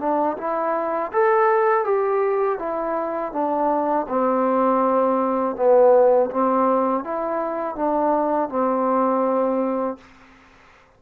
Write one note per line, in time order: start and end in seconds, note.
0.00 0.37 D4
0.38 1.12 E4
1.13 1.85 A4
1.85 2.59 G4
2.59 3.33 E4
3.33 4.06 D4
4.09 5.56 C4
5.56 6.30 B3
6.31 7.04 C4
7.04 7.76 E4
7.76 8.49 D4
8.49 9.98 C4